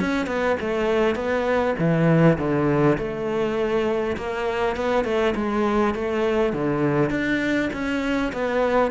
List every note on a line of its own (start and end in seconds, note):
0.00 0.27 C#4
0.27 0.56 B3
0.60 1.15 A3
1.15 1.74 B3
1.78 2.38 E3
2.38 2.98 D3
2.98 4.17 A3
4.17 4.76 A#3
4.76 5.04 B3
5.04 5.34 A3
5.35 5.94 G#3
5.94 6.53 A3
6.53 7.10 D3
7.10 7.70 D4
7.73 8.32 C#4
8.32 8.91 B3